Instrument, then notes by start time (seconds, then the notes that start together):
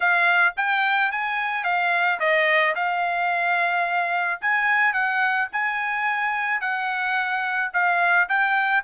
trumpet
0.00 F5
0.57 G5
1.11 G#5
1.64 F5
2.19 D#5
2.75 F5
4.41 G#5
4.93 F#5
5.52 G#5
6.61 F#5
7.73 F5
8.28 G5